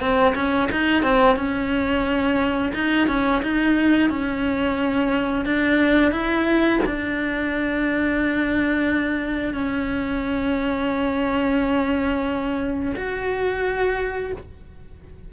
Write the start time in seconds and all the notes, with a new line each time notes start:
0.00 C4
0.35 C#4
0.72 D#4
1.03 C4
1.36 C#4
2.75 D#4
3.08 C#4
3.42 D#4
4.10 C#4
5.45 D4
6.12 E4
6.86 D4
9.54 C#4
12.96 F#4